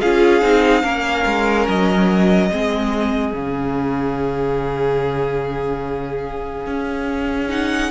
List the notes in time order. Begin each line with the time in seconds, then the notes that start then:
0.00 C#4 F4 G#4 F5
0.41 C4 D#4
0.83 A#3 C#4 A#4
1.25 G#3
1.67 F#3 D#5
2.51 G#3 C4 G#4
3.33 C#3 C#4 F5
6.66 C#4
7.49 D#4 F#5